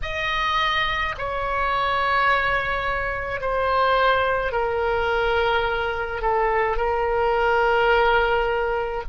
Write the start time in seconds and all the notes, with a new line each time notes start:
0.02 D#5
1.17 C#5
3.41 C5
4.52 A#4
6.21 A4
6.76 A#4